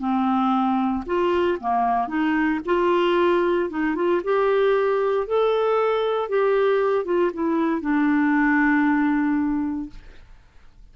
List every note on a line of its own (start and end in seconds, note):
0.00 1.04 C4
1.06 1.59 F4
1.61 2.08 A#3
2.08 2.60 D#4
2.66 3.70 F4
3.70 3.96 D#4
3.96 4.22 F4
4.24 5.28 G4
5.28 6.29 A4
6.29 7.05 G4
7.05 7.31 F4
7.34 7.82 E4
7.82 9.90 D4